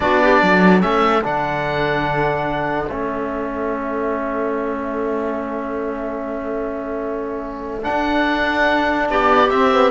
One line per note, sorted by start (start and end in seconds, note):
0.00 0.42 B3
0.00 0.80 D4
0.00 0.22 F#4
0.00 0.81 D5
0.23 0.41 G4
0.41 0.83 F#3
0.41 9.10 A4
0.80 1.24 A3
0.80 1.21 C#4
0.80 1.22 E5
1.23 2.89 D3
1.23 2.89 D4
1.23 2.89 F#5
2.89 7.86 A3
2.89 7.82 C#4
2.89 7.83 E5
7.82 9.48 D4
7.82 9.07 F#5
7.89 9.09 D4
9.09 9.51 B3
9.09 9.90 G4
9.09 9.49 D5
9.49 9.72 C4
9.49 9.90 C4
9.49 9.90 E5
9.72 9.90 B3